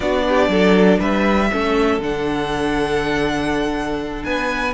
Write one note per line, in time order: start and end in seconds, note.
0.00 0.48 B3
0.00 1.50 D4
0.00 0.23 F#4
0.00 0.99 D5
0.28 0.51 G4
0.48 0.98 F#3
0.48 0.99 A4
0.99 1.49 G3
0.99 1.49 B4
0.99 2.00 E5
1.51 1.98 A3
1.51 2.01 C#4
1.51 4.25 A4
1.98 4.23 D3
1.98 4.74 D4
1.98 4.23 F#5
4.23 4.74 B3
4.23 4.74 B4
4.23 4.73 G#5